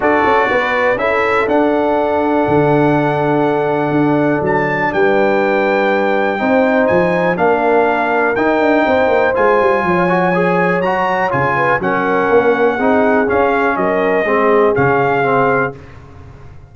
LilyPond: <<
  \new Staff \with { instrumentName = "trumpet" } { \time 4/4 \tempo 4 = 122 d''2 e''4 fis''4~ | fis''1~ | fis''4 a''4 g''2~ | g''2 gis''4 f''4~ |
f''4 g''2 gis''4~ | gis''2 ais''4 gis''4 | fis''2. f''4 | dis''2 f''2 | }
  \new Staff \with { instrumentName = "horn" } { \time 4/4 a'4 b'4 a'2~ | a'1~ | a'2 b'2~ | b'4 c''2 ais'4~ |
ais'2 c''2 | cis''2.~ cis''8 b'8 | ais'2 gis'2 | ais'4 gis'2. | }
  \new Staff \with { instrumentName = "trombone" } { \time 4/4 fis'2 e'4 d'4~ | d'1~ | d'1~ | d'4 dis'2 d'4~ |
d'4 dis'2 f'4~ | f'8 fis'8 gis'4 fis'4 f'4 | cis'2 dis'4 cis'4~ | cis'4 c'4 cis'4 c'4 | }
  \new Staff \with { instrumentName = "tuba" } { \time 4/4 d'8 cis'8 b4 cis'4 d'4~ | d'4 d2. | d'4 fis4 g2~ | g4 c'4 f4 ais4~ |
ais4 dis'8 d'8 c'8 ais8 gis8 g8 | f2 fis4 cis4 | fis4 ais4 c'4 cis'4 | fis4 gis4 cis2 | }
>>